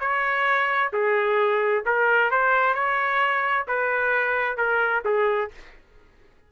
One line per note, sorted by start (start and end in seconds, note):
0.00 0.92 C#5
0.92 1.84 G#4
1.85 2.31 A#4
2.31 2.74 C5
2.74 3.66 C#5
3.67 4.57 B4
4.57 5.03 A#4
5.05 5.50 G#4